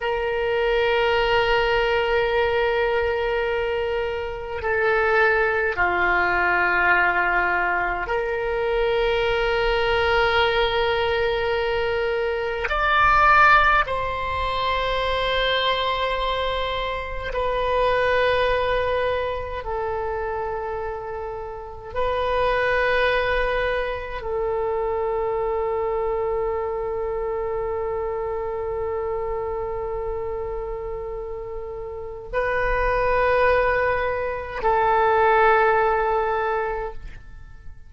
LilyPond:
\new Staff \with { instrumentName = "oboe" } { \time 4/4 \tempo 4 = 52 ais'1 | a'4 f'2 ais'4~ | ais'2. d''4 | c''2. b'4~ |
b'4 a'2 b'4~ | b'4 a'2.~ | a'1 | b'2 a'2 | }